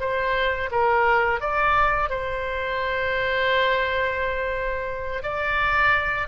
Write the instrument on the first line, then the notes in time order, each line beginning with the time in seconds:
oboe
0.00 C5
0.71 A#4
1.40 D5
2.10 C5
5.23 D5